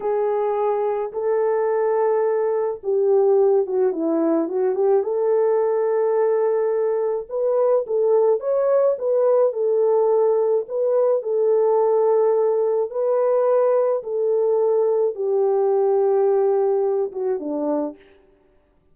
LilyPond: \new Staff \with { instrumentName = "horn" } { \time 4/4 \tempo 4 = 107 gis'2 a'2~ | a'4 g'4. fis'8 e'4 | fis'8 g'8 a'2.~ | a'4 b'4 a'4 cis''4 |
b'4 a'2 b'4 | a'2. b'4~ | b'4 a'2 g'4~ | g'2~ g'8 fis'8 d'4 | }